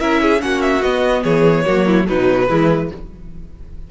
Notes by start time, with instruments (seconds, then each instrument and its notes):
0.00 cello C#4, viola E4, violin A#4 E5
0.22 violin G#4
0.40 cello A#3, viola C#4, violin F#4 F#5
0.61 violin E5
0.82 cello B3, viola B3, violin D#5
1.23 cello E3, violin G#4 C#5
1.65 cello F#3, viola A#3, violin F#4
1.86 violin E4
2.05 cello B2, viola F#3, violin D#4 B4
2.49 cello E3, viola G#3, violin E4